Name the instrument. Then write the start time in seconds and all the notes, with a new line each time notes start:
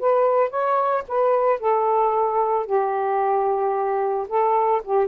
saxophone
0.00 B4
0.50 C#5
1.08 B4
1.60 A4
2.66 G4
4.28 A4
4.84 G4